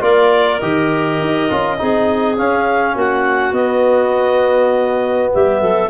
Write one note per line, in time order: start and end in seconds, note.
0.00 0.60 A#3
0.00 0.59 F4
0.00 1.78 A#4
0.00 0.60 D5
0.60 1.20 D#3
0.60 1.50 G4
0.60 2.36 D#5
1.20 1.50 D#4
1.50 1.80 C#4
1.50 1.77 F4
1.77 2.39 C4
1.77 2.36 D#4
1.77 2.94 G#4
2.37 3.53 C#4
2.37 2.95 C#4
2.37 2.96 F5
2.94 3.52 A#3
2.94 5.30 F#4
2.94 3.53 F#5
3.52 5.29 B3
3.52 5.89 B3
3.52 5.30 D#5
5.33 5.61 G3
5.33 5.60 G4
5.33 5.90 E5
5.60 5.90 F#3
5.60 5.90 A4